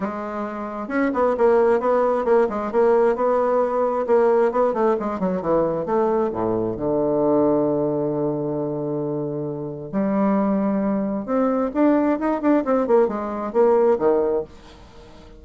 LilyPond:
\new Staff \with { instrumentName = "bassoon" } { \time 4/4 \tempo 4 = 133 gis2 cis'8 b8 ais4 | b4 ais8 gis8 ais4 b4~ | b4 ais4 b8 a8 gis8 fis8 | e4 a4 a,4 d4~ |
d1~ | d2 g2~ | g4 c'4 d'4 dis'8 d'8 | c'8 ais8 gis4 ais4 dis4 | }